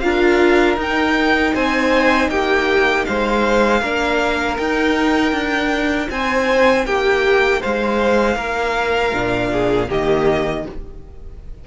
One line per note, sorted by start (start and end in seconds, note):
0.00 0.77 D4
0.00 0.78 F4
0.00 1.54 A#4
0.00 0.76 F5
0.77 1.53 D#4
0.77 3.81 D#4
0.77 1.55 G5
1.54 2.29 C4
1.54 2.30 C5
1.54 2.30 G#5
2.29 3.05 A#3
2.29 3.07 G4
2.29 3.05 G5
3.05 3.82 G#3
3.05 3.81 C5
3.05 4.57 F5
3.81 4.58 A#3
3.81 4.59 D4
3.81 6.08 A#4
4.57 5.32 D#4
4.57 9.13 D#4
4.57 6.09 G5
5.32 6.08 D4
6.10 6.86 C4
6.10 6.86 C5
6.10 6.86 G#5
6.86 7.62 A#3
6.86 7.60 G4
6.86 7.62 G5
7.60 8.36 G#3
7.60 8.36 C5
7.60 9.90 F5
8.36 9.12 A#3
8.36 9.50 A#4
9.13 9.90 A#2
9.13 9.87 D4
9.52 9.89 G#4
9.87 10.66 D#3
9.87 10.63 A#3
9.87 10.65 G4
9.87 10.67 D#5